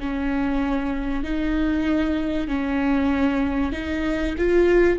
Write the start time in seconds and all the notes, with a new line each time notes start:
0.00 C#4
1.24 D#4
2.48 C#4
3.72 D#4
4.38 F4